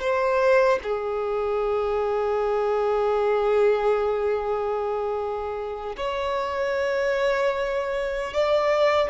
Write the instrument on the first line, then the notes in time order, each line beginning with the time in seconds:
violin
0.00 C5
0.83 G#4
5.96 C#5
8.33 D5